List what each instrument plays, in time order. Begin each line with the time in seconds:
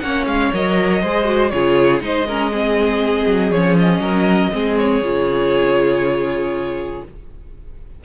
0.00 cello A#3, viola C#4, violin C#5 F#5
0.26 cello G#3, violin F5
0.53 cello F#3, viola A#4, violin D#5
1.02 cello G#3, viola G#4, violin C5
1.25 viola F#4
1.50 cello C#3, viola F4, violin G#4 C#5
2.01 cello G#3, viola D#4, violin C5 D#5
2.28 viola C#4, violin A#4
2.52 viola C4, violin G#4
3.26 cello F#3
3.51 cello F3, viola C#4, violin C#5
3.79 violin D#5
3.99 cello F#3, violin A#4
4.51 cello G#3, viola C4, violin G#4
4.79 violin C#5
5.02 cello C#3, viola F4